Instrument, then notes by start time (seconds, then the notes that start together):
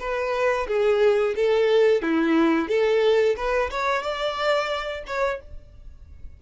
violin
0.00 B4
0.68 G#4
1.36 A4
2.03 E4
2.69 A4
3.37 B4
3.71 C#5
4.03 D5
5.07 C#5